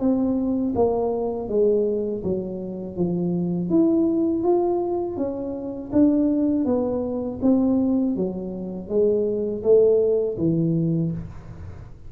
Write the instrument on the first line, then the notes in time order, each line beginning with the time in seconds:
tuba
0.00 C4
0.75 A#3
1.49 G#3
2.24 F#3
2.97 F3
3.70 E4
4.43 F4
5.17 C#4
5.93 D4
6.66 B3
7.42 C4
8.16 F#3
8.89 G#3
9.63 A3
10.38 E3